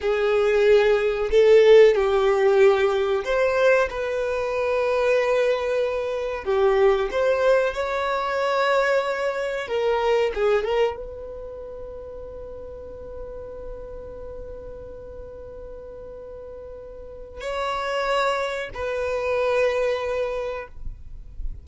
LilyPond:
\new Staff \with { instrumentName = "violin" } { \time 4/4 \tempo 4 = 93 gis'2 a'4 g'4~ | g'4 c''4 b'2~ | b'2 g'4 c''4 | cis''2. ais'4 |
gis'8 ais'8 b'2.~ | b'1~ | b'2. cis''4~ | cis''4 b'2. | }